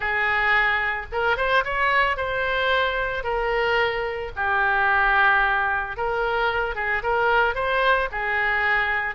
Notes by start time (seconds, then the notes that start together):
0.00 G#4
1.12 A#4
1.36 C5
1.64 C#5
2.16 C5
3.23 A#4
4.35 G4
5.97 A#4
6.75 G#4
7.02 A#4
7.55 C5
8.11 G#4